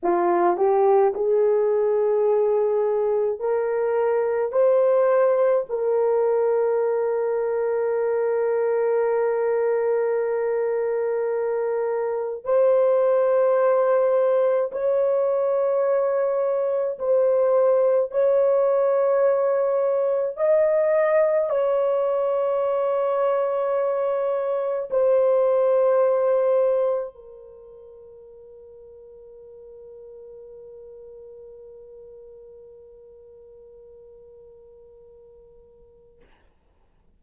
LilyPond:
\new Staff \with { instrumentName = "horn" } { \time 4/4 \tempo 4 = 53 f'8 g'8 gis'2 ais'4 | c''4 ais'2.~ | ais'2. c''4~ | c''4 cis''2 c''4 |
cis''2 dis''4 cis''4~ | cis''2 c''2 | ais'1~ | ais'1 | }